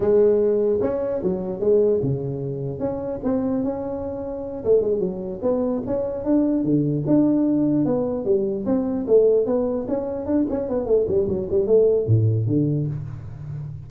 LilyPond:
\new Staff \with { instrumentName = "tuba" } { \time 4/4 \tempo 4 = 149 gis2 cis'4 fis4 | gis4 cis2 cis'4 | c'4 cis'2~ cis'8 a8 | gis8 fis4 b4 cis'4 d'8~ |
d'8 d4 d'2 b8~ | b8 g4 c'4 a4 b8~ | b8 cis'4 d'8 cis'8 b8 a8 g8 | fis8 g8 a4 a,4 d4 | }